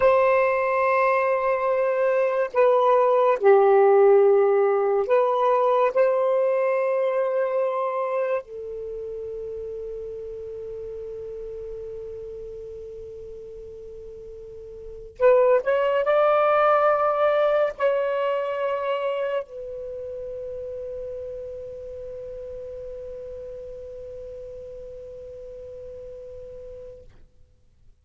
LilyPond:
\new Staff \with { instrumentName = "saxophone" } { \time 4/4 \tempo 4 = 71 c''2. b'4 | g'2 b'4 c''4~ | c''2 a'2~ | a'1~ |
a'2 b'8 cis''8 d''4~ | d''4 cis''2 b'4~ | b'1~ | b'1 | }